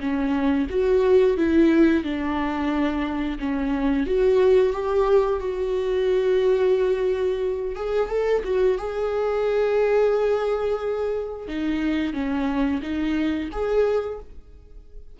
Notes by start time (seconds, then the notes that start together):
0.00 C#4
0.70 F#4
1.37 E4
2.03 D4
3.39 C#4
4.06 F#4
4.73 G4
5.40 F#4
7.75 G#4
8.09 A4
8.44 F#4
8.78 G#4
11.48 D#4
12.13 C#4
12.82 D#4
13.52 G#4